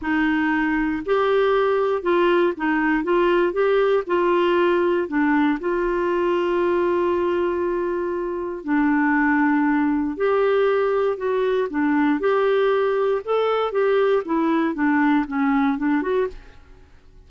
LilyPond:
\new Staff \with { instrumentName = "clarinet" } { \time 4/4 \tempo 4 = 118 dis'2 g'2 | f'4 dis'4 f'4 g'4 | f'2 d'4 f'4~ | f'1~ |
f'4 d'2. | g'2 fis'4 d'4 | g'2 a'4 g'4 | e'4 d'4 cis'4 d'8 fis'8 | }